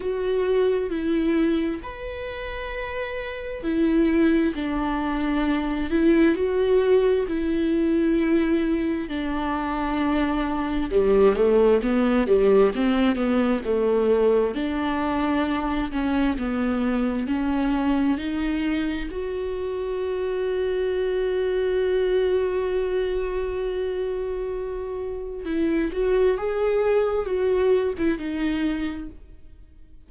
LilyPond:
\new Staff \with { instrumentName = "viola" } { \time 4/4 \tempo 4 = 66 fis'4 e'4 b'2 | e'4 d'4. e'8 fis'4 | e'2 d'2 | g8 a8 b8 g8 c'8 b8 a4 |
d'4. cis'8 b4 cis'4 | dis'4 fis'2.~ | fis'1 | e'8 fis'8 gis'4 fis'8. e'16 dis'4 | }